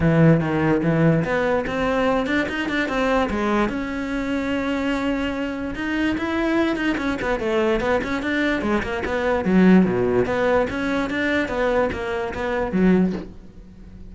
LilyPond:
\new Staff \with { instrumentName = "cello" } { \time 4/4 \tempo 4 = 146 e4 dis4 e4 b4 | c'4. d'8 dis'8 d'8 c'4 | gis4 cis'2.~ | cis'2 dis'4 e'4~ |
e'8 dis'8 cis'8 b8 a4 b8 cis'8 | d'4 gis8 ais8 b4 fis4 | b,4 b4 cis'4 d'4 | b4 ais4 b4 fis4 | }